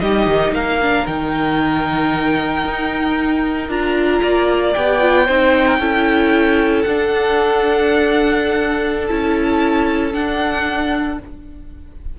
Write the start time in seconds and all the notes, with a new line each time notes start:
0.00 G3 D#4 G4 D#5
0.27 D#3
0.51 A#3 A#4 F5
0.81 D4
1.06 D#3 D#4 G5
2.65 D#4
3.68 D4 F4 A#5
4.22 A#3 D5
4.73 B3 G4 G5
5.00 F4
5.25 C4 D#4 C5
5.66 A#4
5.79 C#4 E4 A4
6.82 D4 F#5
9.07 C#4 E4 A5
10.13 D4 F#5